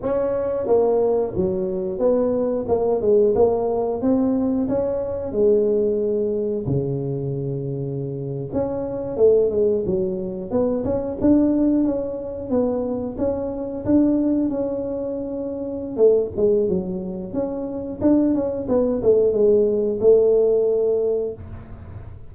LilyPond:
\new Staff \with { instrumentName = "tuba" } { \time 4/4 \tempo 4 = 90 cis'4 ais4 fis4 b4 | ais8 gis8 ais4 c'4 cis'4 | gis2 cis2~ | cis8. cis'4 a8 gis8 fis4 b16~ |
b16 cis'8 d'4 cis'4 b4 cis'16~ | cis'8. d'4 cis'2~ cis'16 | a8 gis8 fis4 cis'4 d'8 cis'8 | b8 a8 gis4 a2 | }